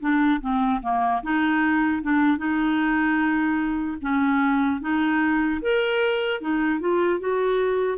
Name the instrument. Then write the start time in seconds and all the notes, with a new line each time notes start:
clarinet
0.00 D4
0.40 C4
0.82 A#3
1.23 D#4
2.02 D4
2.37 D#4
4.01 C#4
4.80 D#4
5.61 A#4
6.40 D#4
6.80 F4
7.19 F#4